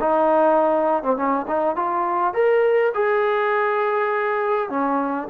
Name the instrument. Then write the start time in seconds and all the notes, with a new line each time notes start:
trombone
0.00 D#4
1.03 C4
1.16 C#4
1.47 D#4
1.76 F4
2.33 A#4
2.94 G#4
4.69 C#4